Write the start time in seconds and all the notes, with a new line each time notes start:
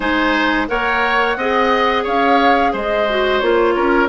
0.00 G#3 D#4 C5 G#5
0.67 A#3 A#4 C#5 F#5
1.36 C4 G#4 D#5
2.03 C#4 C#5 F5
2.72 G#3 C5 D#5
3.09 F#4
3.39 A#3 F4 C#5
3.75 C#4 A#4